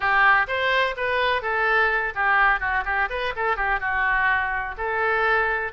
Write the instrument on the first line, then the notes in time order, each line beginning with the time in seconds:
oboe
0.00 G4
0.47 C5
0.97 B4
1.42 A4
2.15 G4
2.60 F#4
2.85 G4
3.09 B4
3.36 A4
3.56 G4
3.80 F#4
4.77 A4